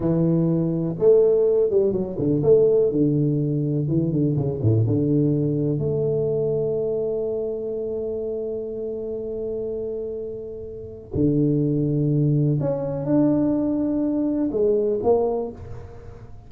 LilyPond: \new Staff \with { instrumentName = "tuba" } { \time 4/4 \tempo 4 = 124 e2 a4. g8 | fis8 d8 a4 d2 | e8 d8 cis8 a,8 d2 | a1~ |
a1~ | a2. d4~ | d2 cis'4 d'4~ | d'2 gis4 ais4 | }